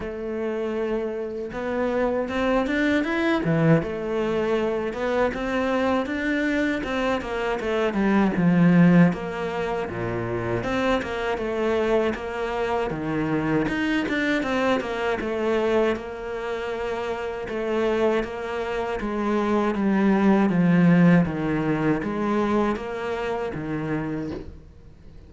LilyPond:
\new Staff \with { instrumentName = "cello" } { \time 4/4 \tempo 4 = 79 a2 b4 c'8 d'8 | e'8 e8 a4. b8 c'4 | d'4 c'8 ais8 a8 g8 f4 | ais4 ais,4 c'8 ais8 a4 |
ais4 dis4 dis'8 d'8 c'8 ais8 | a4 ais2 a4 | ais4 gis4 g4 f4 | dis4 gis4 ais4 dis4 | }